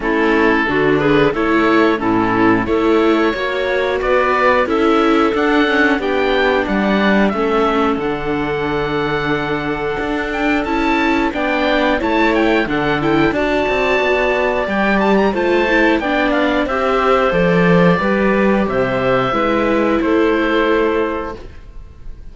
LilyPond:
<<
  \new Staff \with { instrumentName = "oboe" } { \time 4/4 \tempo 4 = 90 a'4. b'8 cis''4 a'4 | cis''2 d''4 e''4 | fis''4 g''4 fis''4 e''4 | fis''2.~ fis''8 g''8 |
a''4 g''4 a''8 g''8 fis''8 g''8 | a''2 g''8 a''16 ais''16 a''4 | g''8 f''8 e''4 d''2 | e''2 c''2 | }
  \new Staff \with { instrumentName = "clarinet" } { \time 4/4 e'4 fis'8 gis'8 a'4 e'4 | a'4 cis''4 b'4 a'4~ | a'4 g'4 d''4 a'4~ | a'1~ |
a'4 d''4 cis''4 a'4 | d''2. c''4 | d''4 c''2 b'4 | c''4 b'4 a'2 | }
  \new Staff \with { instrumentName = "viola" } { \time 4/4 cis'4 d'4 e'4 cis'4 | e'4 fis'2 e'4 | d'8 cis'8 d'2 cis'4 | d'1 |
e'4 d'4 e'4 d'8 e'8 | fis'2 g'4 f'8 e'8 | d'4 g'4 a'4 g'4~ | g'4 e'2. | }
  \new Staff \with { instrumentName = "cello" } { \time 4/4 a4 d4 a4 a,4 | a4 ais4 b4 cis'4 | d'4 b4 g4 a4 | d2. d'4 |
cis'4 b4 a4 d4 | d'8 c'8 b4 g4 a4 | b4 c'4 f4 g4 | c4 gis4 a2 | }
>>